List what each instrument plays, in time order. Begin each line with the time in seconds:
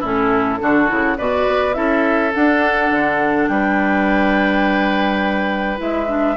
0.00 bassoon A2, clarinet C#4, oboe E4, flute A4
0.59 bassoon D3, clarinet D4, oboe F#4
0.88 bassoon C#3, clarinet E4
1.18 bassoon B2, clarinet F#4, oboe B4, flute D5
1.48 bassoon B3
1.74 bassoon C#4, clarinet E4, oboe A4, flute E5
2.34 clarinet D4, bassoon D4, flute F#5
2.91 bassoon D3
3.48 bassoon G3, oboe B4, flute G5
5.78 bassoon G#3, clarinet E4, flute E5
6.07 clarinet D4